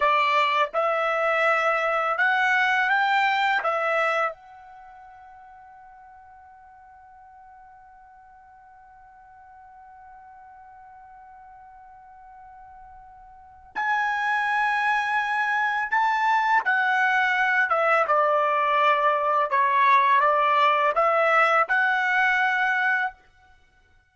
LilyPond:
\new Staff \with { instrumentName = "trumpet" } { \time 4/4 \tempo 4 = 83 d''4 e''2 fis''4 | g''4 e''4 fis''2~ | fis''1~ | fis''1~ |
fis''2. gis''4~ | gis''2 a''4 fis''4~ | fis''8 e''8 d''2 cis''4 | d''4 e''4 fis''2 | }